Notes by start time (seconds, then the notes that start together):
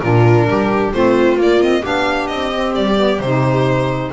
0.00 A#2 D4 F4 A#4
0.48 G3 G4
0.94 A3 C4 F4 C5
1.37 A#3 D5
1.62 C4 D#5
1.82 B3 D4 G4 F5
2.28 C4 D#5
2.53 C4
2.76 G3 D5
2.97 B3
3.20 C3 D#4 C5